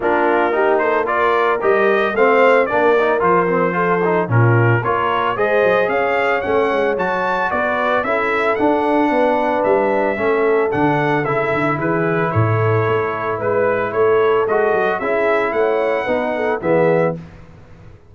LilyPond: <<
  \new Staff \with { instrumentName = "trumpet" } { \time 4/4 \tempo 4 = 112 ais'4. c''8 d''4 dis''4 | f''4 d''4 c''2 | ais'4 cis''4 dis''4 f''4 | fis''4 a''4 d''4 e''4 |
fis''2 e''2 | fis''4 e''4 b'4 cis''4~ | cis''4 b'4 cis''4 dis''4 | e''4 fis''2 e''4 | }
  \new Staff \with { instrumentName = "horn" } { \time 4/4 f'4 g'8 a'8 ais'2 | c''4 ais'2 a'4 | f'4 ais'4 c''4 cis''4~ | cis''2 b'4 a'4~ |
a'4 b'2 a'4~ | a'2 gis'4 a'4~ | a'4 b'4 a'2 | gis'4 cis''4 b'8 a'8 gis'4 | }
  \new Staff \with { instrumentName = "trombone" } { \time 4/4 d'4 dis'4 f'4 g'4 | c'4 d'8 dis'8 f'8 c'8 f'8 dis'8 | cis'4 f'4 gis'2 | cis'4 fis'2 e'4 |
d'2. cis'4 | d'4 e'2.~ | e'2. fis'4 | e'2 dis'4 b4 | }
  \new Staff \with { instrumentName = "tuba" } { \time 4/4 ais2. g4 | a4 ais4 f2 | ais,4 ais4 gis8 fis8 cis'4 | a8 gis8 fis4 b4 cis'4 |
d'4 b4 g4 a4 | d4 cis8 d8 e4 a,4 | a4 gis4 a4 gis8 fis8 | cis'4 a4 b4 e4 | }
>>